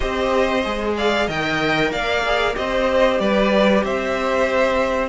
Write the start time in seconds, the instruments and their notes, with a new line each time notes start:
0.00 cello C4, viola G4, violin C5 D#5
0.64 cello G#3, viola G#4
0.96 violin D5 F5
1.26 cello D#3, viola A#4, violin D#5 G5
1.91 cello A#3, violin D5 F5
2.25 viola G#4
2.53 cello C4, viola G4, violin C5 D#5
3.19 cello G3, violin B4 D5
3.83 cello C4, violin C5 E5